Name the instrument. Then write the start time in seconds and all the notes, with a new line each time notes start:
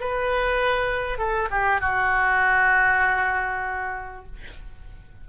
oboe
0.00 B4
1.18 A4
1.51 G4
1.81 F#4